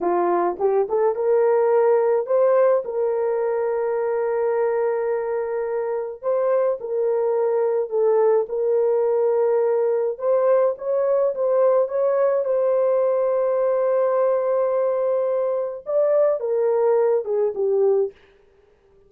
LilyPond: \new Staff \with { instrumentName = "horn" } { \time 4/4 \tempo 4 = 106 f'4 g'8 a'8 ais'2 | c''4 ais'2.~ | ais'2. c''4 | ais'2 a'4 ais'4~ |
ais'2 c''4 cis''4 | c''4 cis''4 c''2~ | c''1 | d''4 ais'4. gis'8 g'4 | }